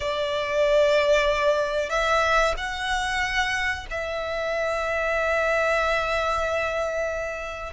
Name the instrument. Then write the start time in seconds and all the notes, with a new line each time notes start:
violin
0.00 D5
1.89 E5
2.57 F#5
3.90 E5